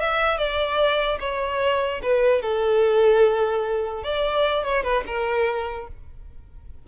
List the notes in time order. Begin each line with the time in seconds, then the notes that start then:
0.00 E5
0.37 D5
1.20 C#5
2.03 B4
2.42 A4
4.03 D5
4.64 C#5
4.83 B4
5.06 A#4